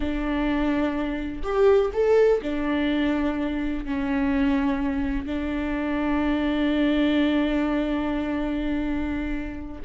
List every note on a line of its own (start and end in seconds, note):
0.00 1.42 D4
1.43 1.91 G4
1.93 2.41 A4
2.42 3.85 D4
3.85 5.26 C#4
5.26 9.82 D4